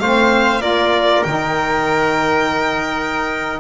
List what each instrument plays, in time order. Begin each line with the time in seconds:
0.00 double bass A3, saxophone C4, trumpet C5, violin F5
0.61 double bass A#3, saxophone F4, trumpet A#4, violin D5
1.24 double bass D#3, saxophone D#4, violin G5